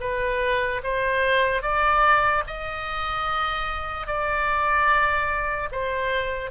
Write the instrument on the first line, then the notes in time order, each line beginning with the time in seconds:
oboe
0.00 B4
0.83 C5
1.62 D5
2.47 D#5
4.07 D5
5.72 C5